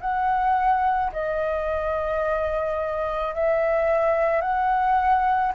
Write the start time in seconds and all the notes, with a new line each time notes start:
0.00 F#5
1.12 D#5
3.34 E5
4.41 F#5